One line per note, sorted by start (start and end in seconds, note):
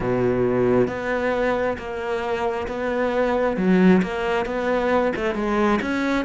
0.00 0.87 B2
0.87 1.77 B3
1.77 2.67 A#3
2.67 3.57 B3
3.57 4.01 F#3
4.02 4.45 A#3
4.45 5.12 B3
5.15 5.34 A3
5.34 5.79 G#3
5.81 6.25 C#4